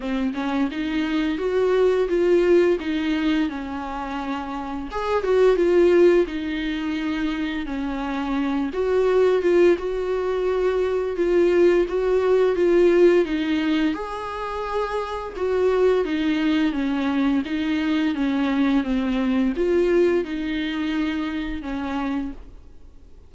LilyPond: \new Staff \with { instrumentName = "viola" } { \time 4/4 \tempo 4 = 86 c'8 cis'8 dis'4 fis'4 f'4 | dis'4 cis'2 gis'8 fis'8 | f'4 dis'2 cis'4~ | cis'8 fis'4 f'8 fis'2 |
f'4 fis'4 f'4 dis'4 | gis'2 fis'4 dis'4 | cis'4 dis'4 cis'4 c'4 | f'4 dis'2 cis'4 | }